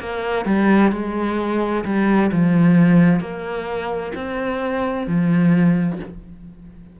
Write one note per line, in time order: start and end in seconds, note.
0.00 0.46 A#3
0.46 0.92 G3
0.92 1.84 G#3
1.85 2.31 G3
2.32 3.21 F3
3.21 4.13 A#3
4.15 5.07 C4
5.07 6.00 F3